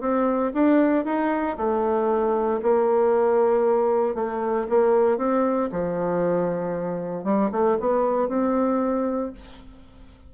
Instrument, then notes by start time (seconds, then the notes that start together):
bassoon
0.00 C4
0.54 D4
1.05 D#4
1.57 A3
2.62 A#3
4.14 A3
4.69 A#3
5.17 C4
5.71 F3
7.24 G3
7.51 A3
7.80 B3
8.28 C4